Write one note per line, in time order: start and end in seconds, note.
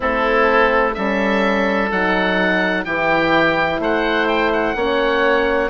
0.00 0.97 A3
0.00 0.93 C4
0.00 0.95 E4
0.00 0.94 A4
0.94 1.91 G3
0.94 1.89 C#4
0.94 2.85 A4
0.94 1.89 E5
1.91 2.86 F#3
1.91 2.86 D#4
1.91 2.84 F#5
2.84 3.79 E3
2.84 4.74 E4
2.84 3.80 G4
2.84 3.80 G5
3.79 4.74 A3
3.79 4.76 C5
3.79 4.27 F#5
4.27 4.51 G5
4.53 5.70 F#5
4.74 5.70 A#3
4.74 5.69 C#4
4.74 5.70 C#5